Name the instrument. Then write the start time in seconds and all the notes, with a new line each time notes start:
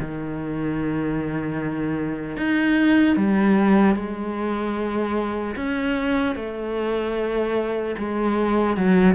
cello
0.00 D#3
2.37 D#4
3.17 G3
3.96 G#3
5.56 C#4
6.36 A3
7.99 G#3
8.77 F#3